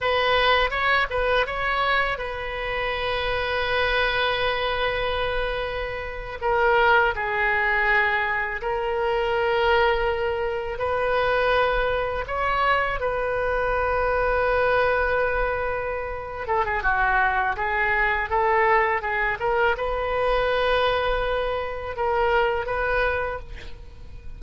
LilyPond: \new Staff \with { instrumentName = "oboe" } { \time 4/4 \tempo 4 = 82 b'4 cis''8 b'8 cis''4 b'4~ | b'1~ | b'8. ais'4 gis'2 ais'16~ | ais'2~ ais'8. b'4~ b'16~ |
b'8. cis''4 b'2~ b'16~ | b'2~ b'8 a'16 gis'16 fis'4 | gis'4 a'4 gis'8 ais'8 b'4~ | b'2 ais'4 b'4 | }